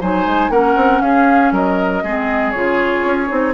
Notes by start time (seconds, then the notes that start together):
0.00 F#3 D#4 C5 G#5
0.26 G#3
0.49 A#3 C#4 A#4 F#5
0.75 C4
1.01 C#4 G#4 F5
1.51 F#3 A#4 D#5
2.03 G#3 C4 G#4
2.51 C#3 F4 C#5
3.04 C#4
3.27 C4 D#4